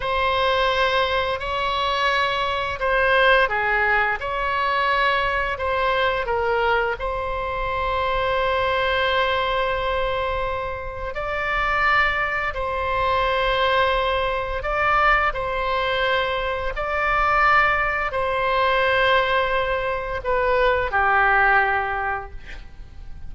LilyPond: \new Staff \with { instrumentName = "oboe" } { \time 4/4 \tempo 4 = 86 c''2 cis''2 | c''4 gis'4 cis''2 | c''4 ais'4 c''2~ | c''1 |
d''2 c''2~ | c''4 d''4 c''2 | d''2 c''2~ | c''4 b'4 g'2 | }